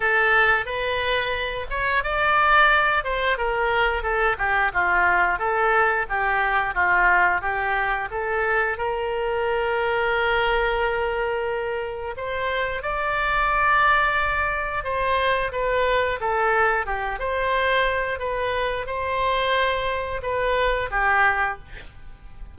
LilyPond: \new Staff \with { instrumentName = "oboe" } { \time 4/4 \tempo 4 = 89 a'4 b'4. cis''8 d''4~ | d''8 c''8 ais'4 a'8 g'8 f'4 | a'4 g'4 f'4 g'4 | a'4 ais'2.~ |
ais'2 c''4 d''4~ | d''2 c''4 b'4 | a'4 g'8 c''4. b'4 | c''2 b'4 g'4 | }